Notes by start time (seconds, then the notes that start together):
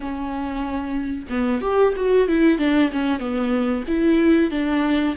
0.00 C#4
1.29 B3
1.61 G4
1.96 F#4
2.28 E4
2.58 D4
2.91 C#4
3.19 B3
3.87 E4
4.50 D4